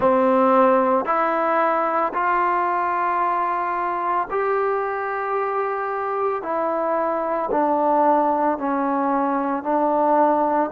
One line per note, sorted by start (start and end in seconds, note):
0.00 1.05 C4
1.05 2.12 E4
2.13 4.28 F4
4.30 6.42 G4
6.42 7.50 E4
7.51 8.58 D4
8.58 9.63 C#4
9.63 10.70 D4